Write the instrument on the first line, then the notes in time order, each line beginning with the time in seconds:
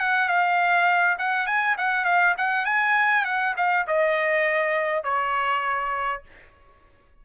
trumpet
0.00 F#5
0.29 F5
1.19 F#5
1.47 G#5
1.78 F#5
2.05 F5
2.38 F#5
2.66 G#5
3.25 F#5
3.57 F5
3.87 D#5
5.04 C#5